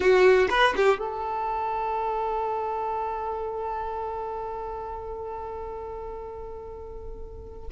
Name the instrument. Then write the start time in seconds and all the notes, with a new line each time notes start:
violin
0.00 F#4
0.49 B4
0.76 G4
0.98 A4